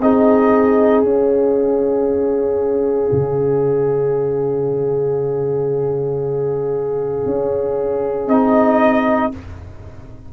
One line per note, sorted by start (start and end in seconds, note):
0.00 1.03 C4
0.00 1.05 D#4
0.00 9.33 G#4
0.00 1.05 D#5
1.03 3.10 C#4
1.03 8.28 C#4
1.03 8.28 F5
3.12 7.26 C#3
7.26 8.27 C#4
8.27 9.31 C4
8.27 9.32 D#4
8.27 9.32 D#5